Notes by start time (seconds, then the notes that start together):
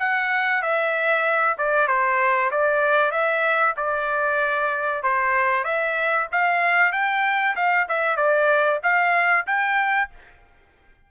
0.00 F#5
0.62 E5
1.58 D5
1.88 C5
2.51 D5
3.12 E5
3.77 D5
5.03 C5
5.64 E5
6.32 F5
6.93 G5
7.56 F5
7.89 E5
8.17 D5
8.84 F5
9.47 G5